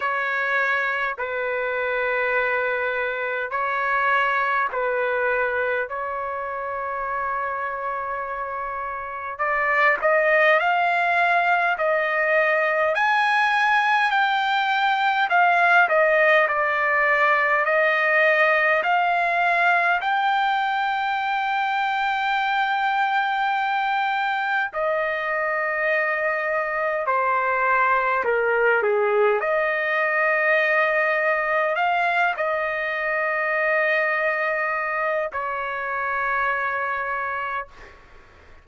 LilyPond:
\new Staff \with { instrumentName = "trumpet" } { \time 4/4 \tempo 4 = 51 cis''4 b'2 cis''4 | b'4 cis''2. | d''8 dis''8 f''4 dis''4 gis''4 | g''4 f''8 dis''8 d''4 dis''4 |
f''4 g''2.~ | g''4 dis''2 c''4 | ais'8 gis'8 dis''2 f''8 dis''8~ | dis''2 cis''2 | }